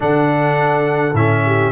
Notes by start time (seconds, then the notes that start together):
0.00 D3 D4 A4 F#5
1.13 A2 C#4 E5
1.45 G4